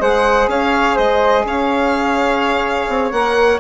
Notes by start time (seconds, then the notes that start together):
0.00 G#3 G#4 C5 F#5
0.48 C#4 C#5 F5
0.95 G#3 C5 D#5
1.45 C#4 C#5 F5
2.88 C4
3.11 A#3 A#4 F#5